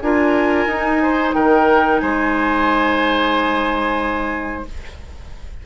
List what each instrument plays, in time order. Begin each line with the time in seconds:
0.00 bassoon D4, clarinet F4, oboe A#4, flute G#5
0.66 bassoon D#4, clarinet D#4
1.02 oboe C5
1.33 bassoon D#3, oboe A#4, flute G5
1.99 bassoon G#3, oboe C5, flute G#5